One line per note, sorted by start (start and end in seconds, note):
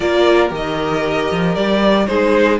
0.00 0.51 A#3
0.00 0.48 F4
0.00 2.07 A#4
0.00 0.50 D5
0.48 1.29 D#3
0.48 2.04 G4
0.55 1.55 D#5
1.31 1.55 F3
1.55 2.08 G3
1.55 2.06 D5
2.06 2.60 G#3
2.06 2.59 D#4
2.06 2.60 G#4
2.06 2.58 C5